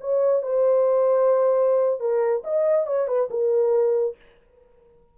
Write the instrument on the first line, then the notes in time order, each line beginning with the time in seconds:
horn
0.00 C#5
0.42 C5
2.00 A#4
2.44 D#5
2.87 C#5
3.07 B4
3.30 A#4